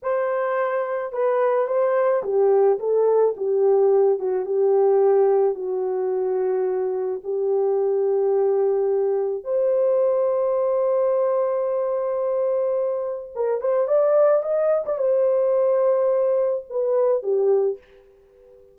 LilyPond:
\new Staff \with { instrumentName = "horn" } { \time 4/4 \tempo 4 = 108 c''2 b'4 c''4 | g'4 a'4 g'4. fis'8 | g'2 fis'2~ | fis'4 g'2.~ |
g'4 c''2.~ | c''1 | ais'8 c''8 d''4 dis''8. d''16 c''4~ | c''2 b'4 g'4 | }